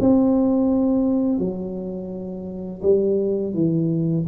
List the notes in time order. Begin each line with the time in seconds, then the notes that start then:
0.00 C4
1.39 F#3
2.82 G3
3.54 E3